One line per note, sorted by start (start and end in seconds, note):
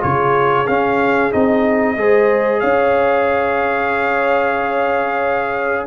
0.00 0.68 C#3
0.00 0.65 F4
0.00 1.97 G#4
0.00 0.67 C#5
0.67 1.33 C#4
0.67 1.31 C#4
0.67 1.32 F5
1.31 1.96 C4
1.31 1.96 D#4
1.31 2.59 D#5
1.96 2.61 G#3
1.96 5.87 G#4
1.96 2.60 C5
2.59 5.87 C#4
2.59 5.86 C#5
2.59 5.85 F5